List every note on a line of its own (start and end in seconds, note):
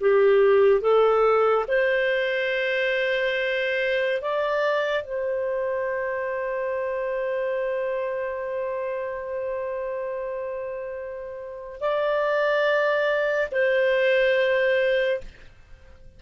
0.00 0.81 G4
0.81 1.65 A4
1.67 4.21 C5
4.21 5.03 D5
5.03 11.79 C5
11.80 13.49 D5
13.51 15.20 C5